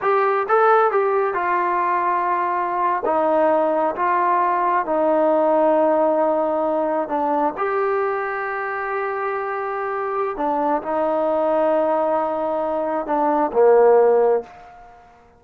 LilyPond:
\new Staff \with { instrumentName = "trombone" } { \time 4/4 \tempo 4 = 133 g'4 a'4 g'4 f'4~ | f'2~ f'8. dis'4~ dis'16~ | dis'8. f'2 dis'4~ dis'16~ | dis'2.~ dis'8. d'16~ |
d'8. g'2.~ g'16~ | g'2. d'4 | dis'1~ | dis'4 d'4 ais2 | }